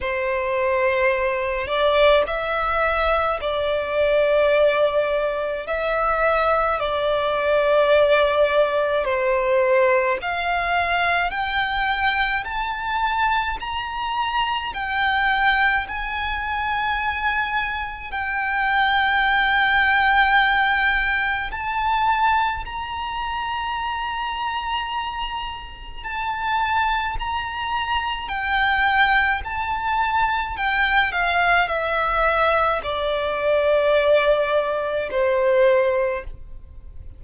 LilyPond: \new Staff \with { instrumentName = "violin" } { \time 4/4 \tempo 4 = 53 c''4. d''8 e''4 d''4~ | d''4 e''4 d''2 | c''4 f''4 g''4 a''4 | ais''4 g''4 gis''2 |
g''2. a''4 | ais''2. a''4 | ais''4 g''4 a''4 g''8 f''8 | e''4 d''2 c''4 | }